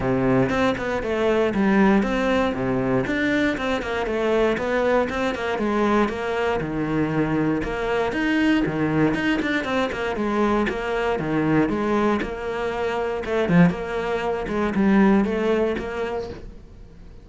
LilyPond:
\new Staff \with { instrumentName = "cello" } { \time 4/4 \tempo 4 = 118 c4 c'8 b8 a4 g4 | c'4 c4 d'4 c'8 ais8 | a4 b4 c'8 ais8 gis4 | ais4 dis2 ais4 |
dis'4 dis4 dis'8 d'8 c'8 ais8 | gis4 ais4 dis4 gis4 | ais2 a8 f8 ais4~ | ais8 gis8 g4 a4 ais4 | }